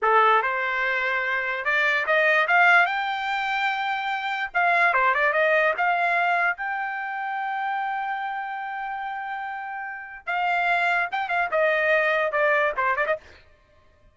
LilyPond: \new Staff \with { instrumentName = "trumpet" } { \time 4/4 \tempo 4 = 146 a'4 c''2. | d''4 dis''4 f''4 g''4~ | g''2. f''4 | c''8 d''8 dis''4 f''2 |
g''1~ | g''1~ | g''4 f''2 g''8 f''8 | dis''2 d''4 c''8 d''16 dis''16 | }